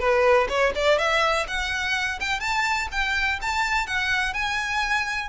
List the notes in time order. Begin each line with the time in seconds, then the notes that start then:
0.00 B4
0.49 C#5
0.75 D5
0.99 E5
1.48 F#5
2.20 G5
2.40 A5
2.92 G5
3.42 A5
3.87 F#5
4.34 G#5